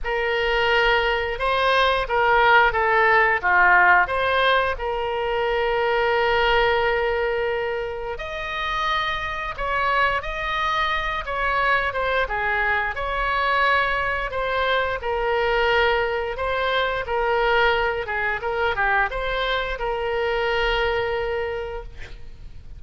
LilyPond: \new Staff \with { instrumentName = "oboe" } { \time 4/4 \tempo 4 = 88 ais'2 c''4 ais'4 | a'4 f'4 c''4 ais'4~ | ais'1 | dis''2 cis''4 dis''4~ |
dis''8 cis''4 c''8 gis'4 cis''4~ | cis''4 c''4 ais'2 | c''4 ais'4. gis'8 ais'8 g'8 | c''4 ais'2. | }